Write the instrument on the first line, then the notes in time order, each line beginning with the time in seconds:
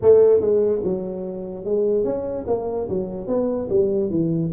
tuba
0.02 A3
0.41 G#3
0.83 F#3
1.64 G#3
2.04 C#4
2.47 A#3
2.88 F#3
3.27 B3
3.69 G3
4.10 E3